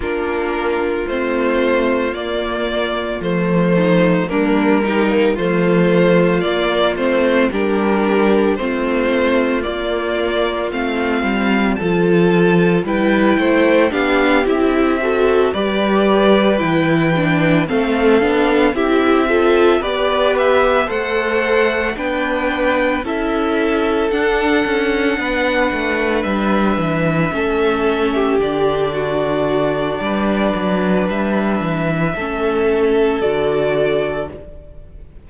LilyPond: <<
  \new Staff \with { instrumentName = "violin" } { \time 4/4 \tempo 4 = 56 ais'4 c''4 d''4 c''4 | ais'4 c''4 d''8 c''8 ais'4 | c''4 d''4 f''4 a''4 | g''4 f''8 e''4 d''4 g''8~ |
g''8 f''4 e''4 d''8 e''8 fis''8~ | fis''8 g''4 e''4 fis''4.~ | fis''8 e''2 d''4.~ | d''4 e''2 d''4 | }
  \new Staff \with { instrumentName = "violin" } { \time 4/4 f'2.~ f'8 dis'8 | d'8 g'16 ais16 f'2 g'4 | f'2. a'4 | b'8 c''8 g'4 a'8 b'4.~ |
b'8 a'4 g'8 a'8 b'4 c''8~ | c''8 b'4 a'2 b'8~ | b'4. a'8. g'8. fis'4 | b'2 a'2 | }
  \new Staff \with { instrumentName = "viola" } { \time 4/4 d'4 c'4 ais4 a4 | ais8 dis'8 a4 ais8 c'8 d'4 | c'4 ais4 c'4 f'4 | e'4 d'8 e'8 fis'8 g'4 e'8 |
d'8 c'8 d'8 e'8 f'8 g'4 a'8~ | a'8 d'4 e'4 d'4.~ | d'4. cis'4 d'4.~ | d'2 cis'4 fis'4 | }
  \new Staff \with { instrumentName = "cello" } { \time 4/4 ais4 a4 ais4 f4 | g4 f4 ais8 a8 g4 | a4 ais4 a8 g8 f4 | g8 a8 b8 c'4 g4 e8~ |
e8 a8 b8 c'4 b4 a8~ | a8 b4 cis'4 d'8 cis'8 b8 | a8 g8 e8 a4 d4. | g8 fis8 g8 e8 a4 d4 | }
>>